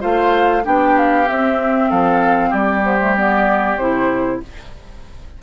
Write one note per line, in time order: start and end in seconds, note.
0.00 0.65 A3
0.00 0.62 F4
0.00 0.63 C5
0.00 0.65 F5
0.64 1.28 B3
0.64 1.26 D4
0.64 1.89 G4
0.64 0.97 G5
0.98 1.28 F5
1.26 2.82 C4
1.26 1.91 C4
1.26 1.90 E5
1.89 2.52 F3
1.89 2.50 A4
1.89 2.53 F5
2.50 3.77 G3
2.50 4.37 G4
2.50 2.85 D5
2.82 2.97 B3
2.82 3.16 C5
2.99 3.15 A3
3.16 3.79 B3
3.16 3.78 D5
3.77 4.40 C3
3.77 4.42 E4
3.77 4.40 C5